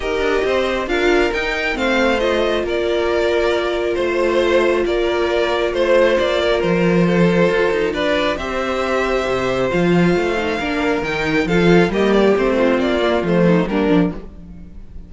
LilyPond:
<<
  \new Staff \with { instrumentName = "violin" } { \time 4/4 \tempo 4 = 136 dis''2 f''4 g''4 | f''4 dis''4 d''2~ | d''4 c''2 d''4~ | d''4 c''4 d''4 c''4~ |
c''2 d''4 e''4~ | e''2 f''2~ | f''4 g''4 f''4 dis''8 d''8 | c''4 d''4 c''4 ais'4 | }
  \new Staff \with { instrumentName = "violin" } { \time 4/4 ais'4 c''4 ais'2 | c''2 ais'2~ | ais'4 c''2 ais'4~ | ais'4 c''4. ais'4. |
a'2 b'4 c''4~ | c''1 | ais'2 a'4 g'4~ | g'8 f'2 dis'8 d'4 | }
  \new Staff \with { instrumentName = "viola" } { \time 4/4 g'2 f'4 dis'4 | c'4 f'2.~ | f'1~ | f'1~ |
f'2. g'4~ | g'2 f'4. dis'8 | d'4 dis'4 f'4 ais4 | c'4. ais8 a4 ais8 d'8 | }
  \new Staff \with { instrumentName = "cello" } { \time 4/4 dis'8 d'8 c'4 d'4 dis'4 | a2 ais2~ | ais4 a2 ais4~ | ais4 a4 ais4 f4~ |
f4 f'8 dis'8 d'4 c'4~ | c'4 c4 f4 a4 | ais4 dis4 f4 g4 | a4 ais4 f4 g8 f8 | }
>>